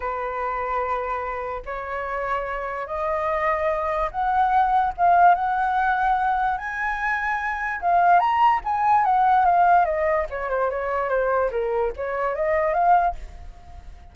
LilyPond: \new Staff \with { instrumentName = "flute" } { \time 4/4 \tempo 4 = 146 b'1 | cis''2. dis''4~ | dis''2 fis''2 | f''4 fis''2. |
gis''2. f''4 | ais''4 gis''4 fis''4 f''4 | dis''4 cis''8 c''8 cis''4 c''4 | ais'4 cis''4 dis''4 f''4 | }